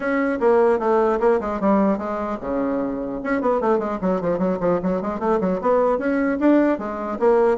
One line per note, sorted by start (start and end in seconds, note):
0.00 0.39 C#4
0.39 0.79 A#3
0.79 1.19 A3
1.20 1.40 A#3
1.40 1.60 G#3
1.60 1.98 G3
1.98 2.38 G#3
2.41 3.21 C#3
3.23 3.41 C#4
3.41 3.60 B3
3.60 3.78 A3
3.78 3.98 G#3
4.01 4.21 F#3
4.21 4.38 F3
4.38 4.58 F#3
4.59 4.79 F3
4.82 5.01 F#3
5.01 5.19 G#3
5.19 5.39 A3
5.40 5.60 F#3
5.61 5.98 B3
5.98 6.38 C#4
6.39 6.78 D4
6.78 7.18 G#3
7.19 7.57 A#3